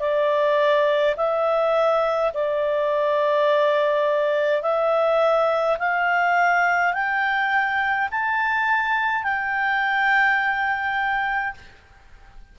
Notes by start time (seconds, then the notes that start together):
0.00 D5
1.17 E5
2.34 D5
4.63 E5
5.79 F5
6.93 G5
8.11 A5
9.24 G5